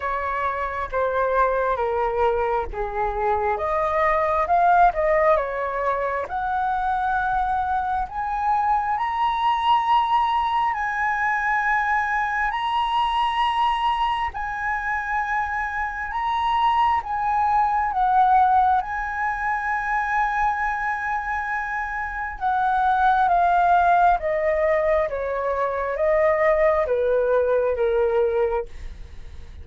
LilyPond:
\new Staff \with { instrumentName = "flute" } { \time 4/4 \tempo 4 = 67 cis''4 c''4 ais'4 gis'4 | dis''4 f''8 dis''8 cis''4 fis''4~ | fis''4 gis''4 ais''2 | gis''2 ais''2 |
gis''2 ais''4 gis''4 | fis''4 gis''2.~ | gis''4 fis''4 f''4 dis''4 | cis''4 dis''4 b'4 ais'4 | }